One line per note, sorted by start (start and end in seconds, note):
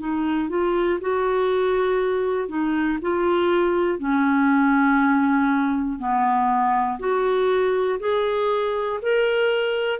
0.00 0.49 D#4
0.49 0.99 F4
1.00 2.48 F#4
2.48 2.98 D#4
3.01 3.98 F4
3.98 5.98 C#4
5.99 6.99 B3
6.99 7.99 F#4
8.00 9.00 G#4
9.02 10.00 A#4